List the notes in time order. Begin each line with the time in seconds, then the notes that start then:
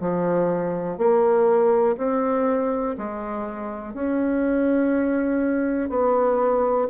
0.00 F3
0.97 A#3
1.97 C4
2.98 G#3
3.93 C#4
5.89 B3